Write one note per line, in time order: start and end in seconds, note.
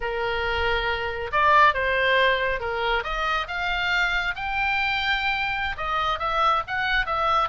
0.01 1.31 A#4
1.31 1.74 D5
1.74 2.60 C5
2.60 3.03 A#4
3.03 3.47 D#5
3.47 4.34 F5
4.35 5.76 G5
5.77 6.19 D#5
6.19 6.62 E5
6.67 7.06 F#5
7.06 7.48 E5